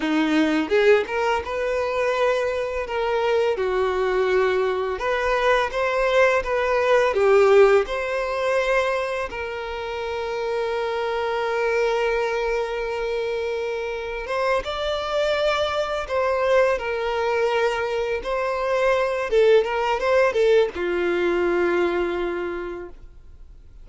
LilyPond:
\new Staff \with { instrumentName = "violin" } { \time 4/4 \tempo 4 = 84 dis'4 gis'8 ais'8 b'2 | ais'4 fis'2 b'4 | c''4 b'4 g'4 c''4~ | c''4 ais'2.~ |
ais'1 | c''8 d''2 c''4 ais'8~ | ais'4. c''4. a'8 ais'8 | c''8 a'8 f'2. | }